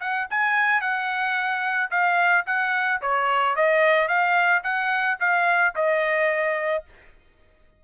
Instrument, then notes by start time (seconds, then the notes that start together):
trumpet
0.00 F#5
0.30 G#5
0.81 F#5
1.90 F5
2.46 F#5
3.01 C#5
3.56 D#5
4.08 F5
4.63 F#5
5.20 F5
5.75 D#5